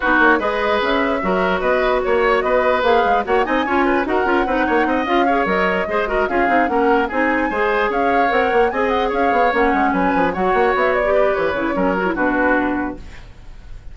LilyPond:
<<
  \new Staff \with { instrumentName = "flute" } { \time 4/4 \tempo 4 = 148 b'8 cis''8 dis''4 e''2 | dis''4 cis''4 dis''4 f''4 | fis''8 gis''4. fis''2~ | fis''8 f''4 dis''2 f''8~ |
f''8 fis''4 gis''2 f''8~ | f''8 fis''4 gis''8 fis''8 f''4 fis''8~ | fis''8 gis''4 fis''4 e''8 d''4 | cis''2 b'2 | }
  \new Staff \with { instrumentName = "oboe" } { \time 4/4 fis'4 b'2 ais'4 | b'4 cis''4 b'2 | cis''8 dis''8 cis''8 b'8 ais'4 b'8 cis''8 | dis''4 cis''4. c''8 ais'8 gis'8~ |
gis'8 ais'4 gis'4 c''4 cis''8~ | cis''4. dis''4 cis''4.~ | cis''8 b'4 cis''2 b'8~ | b'4 ais'4 fis'2 | }
  \new Staff \with { instrumentName = "clarinet" } { \time 4/4 dis'4 gis'2 fis'4~ | fis'2. gis'4 | fis'8 dis'8 f'4 fis'8 f'8 dis'4~ | dis'8 f'8 gis'8 ais'4 gis'8 fis'8 f'8 |
dis'8 cis'4 dis'4 gis'4.~ | gis'8 ais'4 gis'2 cis'8~ | cis'4. fis'4.~ fis'16 g'8.~ | g'8 e'8 cis'8 fis'16 e'16 d'2 | }
  \new Staff \with { instrumentName = "bassoon" } { \time 4/4 b8 ais8 gis4 cis'4 fis4 | b4 ais4 b4 ais8 gis8 | ais8 c'8 cis'4 dis'8 cis'8 c'8 ais8 | c'8 cis'4 fis4 gis4 cis'8 |
c'8 ais4 c'4 gis4 cis'8~ | cis'8 c'8 ais8 c'4 cis'8 b8 ais8 | gis8 fis8 f8 fis8 ais8 b4. | e8 cis8 fis4 b,2 | }
>>